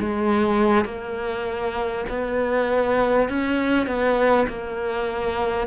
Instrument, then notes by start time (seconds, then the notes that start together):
cello
0.00 G#3
0.85 A#3
2.09 B3
3.29 C#4
3.87 B3
4.48 A#3